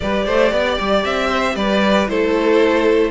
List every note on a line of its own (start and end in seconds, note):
0.00 0.26 G3
0.00 2.07 G4
0.00 0.25 B4
0.00 1.03 D5
0.25 0.51 A3
0.25 0.51 C5
0.51 0.77 B3
0.51 1.28 D5
0.80 1.04 G3
1.04 1.55 C4
1.04 1.55 E5
1.28 1.54 C5
1.55 2.07 G3
1.55 2.10 B4
1.55 2.07 D5
2.07 3.10 A3
2.07 3.10 E4
2.07 3.10 A4
2.07 3.10 C5